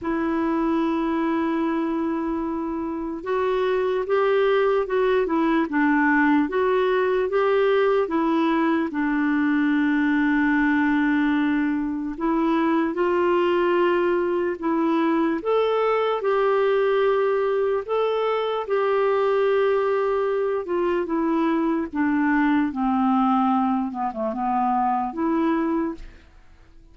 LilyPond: \new Staff \with { instrumentName = "clarinet" } { \time 4/4 \tempo 4 = 74 e'1 | fis'4 g'4 fis'8 e'8 d'4 | fis'4 g'4 e'4 d'4~ | d'2. e'4 |
f'2 e'4 a'4 | g'2 a'4 g'4~ | g'4. f'8 e'4 d'4 | c'4. b16 a16 b4 e'4 | }